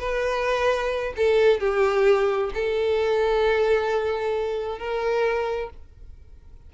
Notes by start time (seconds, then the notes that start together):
0.00 B4
1.17 A4
1.60 G4
2.55 A4
4.80 A#4